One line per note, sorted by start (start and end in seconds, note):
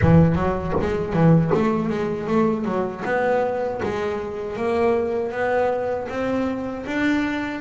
0.01 0.35 E3
0.35 0.73 F#3
0.81 1.13 G#3
1.13 1.51 E3
1.54 1.89 A3
1.89 2.27 G#3
2.27 2.64 A3
2.64 3.02 F#3
3.05 3.81 B3
3.82 4.56 G#3
4.56 5.32 A#3
5.32 6.08 B3
6.09 6.85 C4
6.86 7.60 D4